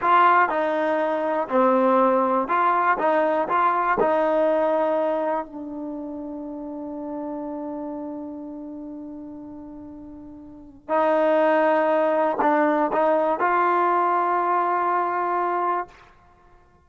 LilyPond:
\new Staff \with { instrumentName = "trombone" } { \time 4/4 \tempo 4 = 121 f'4 dis'2 c'4~ | c'4 f'4 dis'4 f'4 | dis'2. d'4~ | d'1~ |
d'1~ | d'2 dis'2~ | dis'4 d'4 dis'4 f'4~ | f'1 | }